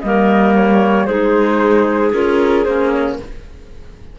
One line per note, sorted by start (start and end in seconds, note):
0.00 1.07 G3
0.00 1.08 A#3
0.00 1.05 A#4
0.00 0.53 D#5
0.54 1.06 C#5
1.05 2.12 G#3
1.05 2.12 D#4
1.05 3.16 G#4
1.05 2.11 C5
2.12 2.66 C#4
2.12 2.65 F4
2.12 2.64 A#4
2.64 3.18 A#3
2.64 3.18 C#4
2.64 2.90 C5
2.90 3.17 C#5